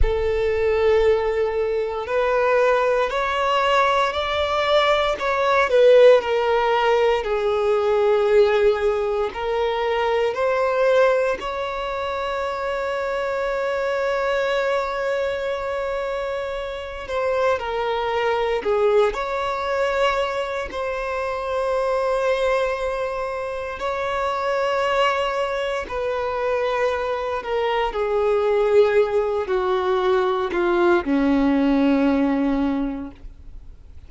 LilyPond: \new Staff \with { instrumentName = "violin" } { \time 4/4 \tempo 4 = 58 a'2 b'4 cis''4 | d''4 cis''8 b'8 ais'4 gis'4~ | gis'4 ais'4 c''4 cis''4~ | cis''1~ |
cis''8 c''8 ais'4 gis'8 cis''4. | c''2. cis''4~ | cis''4 b'4. ais'8 gis'4~ | gis'8 fis'4 f'8 cis'2 | }